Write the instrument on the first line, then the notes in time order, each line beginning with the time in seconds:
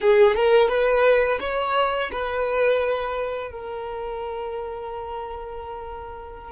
violin
0.00 G#4
0.35 A#4
0.68 B4
1.39 C#5
2.11 B4
3.51 A#4